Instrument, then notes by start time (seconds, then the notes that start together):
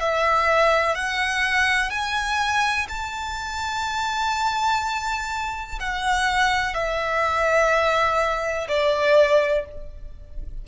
violin
0.00 E5
0.95 F#5
1.90 G#5
2.89 A5
5.79 F#5
6.74 E5
8.68 D5